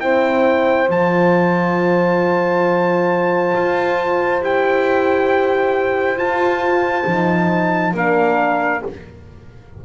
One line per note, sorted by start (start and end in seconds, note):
0.00 0.89 C4
0.00 0.88 E4
0.00 7.94 C5
0.00 0.89 G5
0.89 3.54 F3
0.89 4.42 F4
0.89 4.44 A5
3.56 4.42 F4
4.42 6.16 E4
4.42 6.17 G4
4.42 6.19 G5
6.16 7.04 F4
6.16 7.06 F4
6.16 7.95 A5
7.07 7.94 F3
7.07 7.95 D#4
7.94 8.83 A#3
7.94 8.83 D4
7.94 8.83 A#4
7.94 8.85 F5